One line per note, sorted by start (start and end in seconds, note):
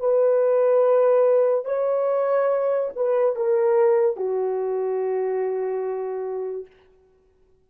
0.00 1.65 B4
1.65 2.90 C#5
2.96 3.36 B4
3.36 4.17 A#4
4.17 6.67 F#4